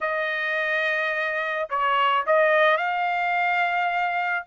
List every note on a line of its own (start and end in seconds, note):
0.00 1.68 D#5
1.69 2.25 C#5
2.26 2.77 D#5
2.77 4.45 F5